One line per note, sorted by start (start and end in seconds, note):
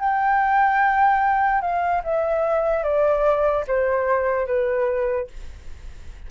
0.00 1.61 G5
1.61 2.02 F5
2.04 2.83 E5
2.83 3.64 D5
3.67 4.47 C5
4.47 5.28 B4